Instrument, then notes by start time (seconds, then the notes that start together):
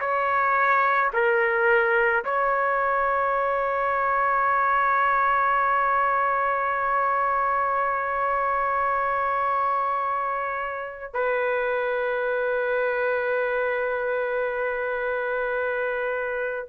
trumpet
0.00 C#5
1.13 A#4
2.25 C#5
11.14 B4